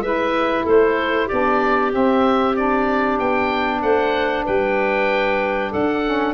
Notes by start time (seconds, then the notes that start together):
0.00 G#3 E4 B4 E5
0.64 A3 A4 C5
1.26 D4 G4 D5
1.32 B3
1.90 C4 E5
2.56 D4 D5
3.19 B3 G5
3.82 A3 C5 F#5
4.45 G3 B4 G5
5.71 D4 A4 F#5
6.04 C#4